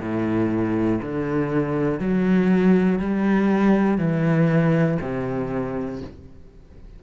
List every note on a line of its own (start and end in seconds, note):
0.00 1.00 A2
1.02 2.00 D3
2.00 3.00 F#3
3.00 3.98 G3
3.98 4.98 E3
5.01 6.01 C3